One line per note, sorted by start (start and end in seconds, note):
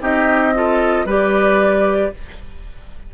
0.00 1.04 C4
0.00 0.53 D#4
0.00 0.54 G4
0.00 1.07 D#5
0.54 1.07 F4
0.54 1.05 A4
1.04 2.09 G3
1.04 2.12 G4
1.04 2.11 B4
1.04 2.14 D5